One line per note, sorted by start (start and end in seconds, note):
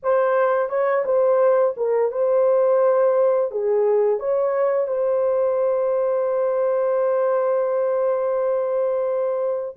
0.02 0.68 C5
0.68 1.03 C#5
1.05 1.74 C5
1.76 2.11 A#4
2.11 3.51 C5
3.51 4.19 G#4
4.19 4.87 C#5
4.87 9.75 C5